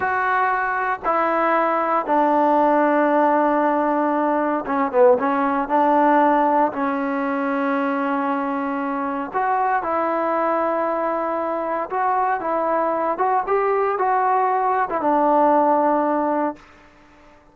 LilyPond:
\new Staff \with { instrumentName = "trombone" } { \time 4/4 \tempo 4 = 116 fis'2 e'2 | d'1~ | d'4 cis'8 b8 cis'4 d'4~ | d'4 cis'2.~ |
cis'2 fis'4 e'4~ | e'2. fis'4 | e'4. fis'8 g'4 fis'4~ | fis'8. e'16 d'2. | }